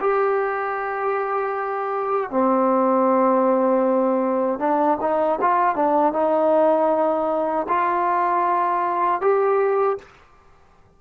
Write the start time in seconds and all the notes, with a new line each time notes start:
0.00 G4
2.30 C4
4.59 D4
5.00 D#4
5.41 F4
5.75 D4
6.13 D#4
7.68 F4
9.21 G4